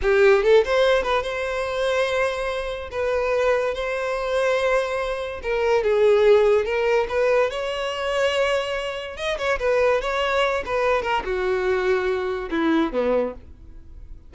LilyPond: \new Staff \with { instrumentName = "violin" } { \time 4/4 \tempo 4 = 144 g'4 a'8 c''4 b'8 c''4~ | c''2. b'4~ | b'4 c''2.~ | c''4 ais'4 gis'2 |
ais'4 b'4 cis''2~ | cis''2 dis''8 cis''8 b'4 | cis''4. b'4 ais'8 fis'4~ | fis'2 e'4 b4 | }